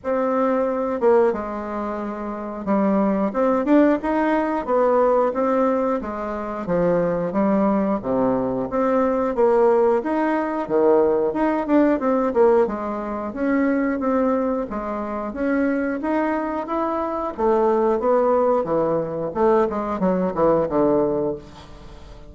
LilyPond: \new Staff \with { instrumentName = "bassoon" } { \time 4/4 \tempo 4 = 90 c'4. ais8 gis2 | g4 c'8 d'8 dis'4 b4 | c'4 gis4 f4 g4 | c4 c'4 ais4 dis'4 |
dis4 dis'8 d'8 c'8 ais8 gis4 | cis'4 c'4 gis4 cis'4 | dis'4 e'4 a4 b4 | e4 a8 gis8 fis8 e8 d4 | }